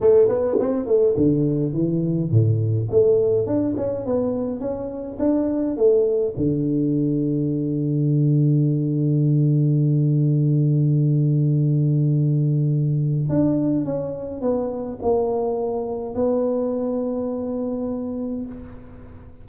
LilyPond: \new Staff \with { instrumentName = "tuba" } { \time 4/4 \tempo 4 = 104 a8 b8 c'8 a8 d4 e4 | a,4 a4 d'8 cis'8 b4 | cis'4 d'4 a4 d4~ | d1~ |
d1~ | d2. d'4 | cis'4 b4 ais2 | b1 | }